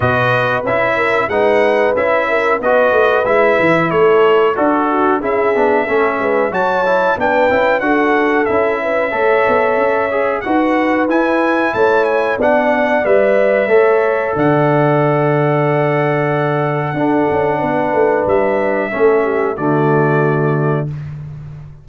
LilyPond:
<<
  \new Staff \with { instrumentName = "trumpet" } { \time 4/4 \tempo 4 = 92 dis''4 e''4 fis''4 e''4 | dis''4 e''4 cis''4 a'4 | e''2 a''4 g''4 | fis''4 e''2. |
fis''4 gis''4 a''8 gis''8 fis''4 | e''2 fis''2~ | fis''1 | e''2 d''2 | }
  \new Staff \with { instrumentName = "horn" } { \time 4/4 b'4. ais'8 b'4. ais'8 | b'2 a'4 d''8 fis'8 | gis'4 a'8 b'8 cis''4 b'4 | a'4. b'8 cis''2 |
b'2 cis''4 d''4~ | d''4 cis''4 d''2~ | d''2 a'4 b'4~ | b'4 a'8 g'8 fis'2 | }
  \new Staff \with { instrumentName = "trombone" } { \time 4/4 fis'4 e'4 dis'4 e'4 | fis'4 e'2 fis'4 | e'8 d'8 cis'4 fis'8 e'8 d'8 e'8 | fis'4 e'4 a'4. gis'8 |
fis'4 e'2 d'4 | b'4 a'2.~ | a'2 d'2~ | d'4 cis'4 a2 | }
  \new Staff \with { instrumentName = "tuba" } { \time 4/4 b,4 cis'4 gis4 cis'4 | b8 a8 gis8 e8 a4 d'4 | cis'8 b8 a8 gis8 fis4 b8 cis'8 | d'4 cis'4 a8 b8 cis'4 |
dis'4 e'4 a4 b4 | g4 a4 d2~ | d2 d'8 cis'8 b8 a8 | g4 a4 d2 | }
>>